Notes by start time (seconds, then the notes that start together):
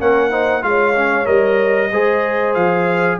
0.00 A#3 C#4 A#4 F#5
0.30 D#4 C5
0.62 G#3 F4 C#5 F5
0.95 C#4
1.25 G3 A#4 D#5
1.91 G#3 G#4 C5
2.54 F3 F5